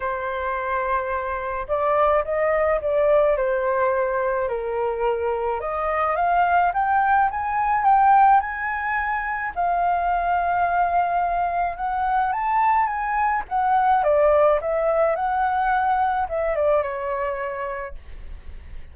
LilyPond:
\new Staff \with { instrumentName = "flute" } { \time 4/4 \tempo 4 = 107 c''2. d''4 | dis''4 d''4 c''2 | ais'2 dis''4 f''4 | g''4 gis''4 g''4 gis''4~ |
gis''4 f''2.~ | f''4 fis''4 a''4 gis''4 | fis''4 d''4 e''4 fis''4~ | fis''4 e''8 d''8 cis''2 | }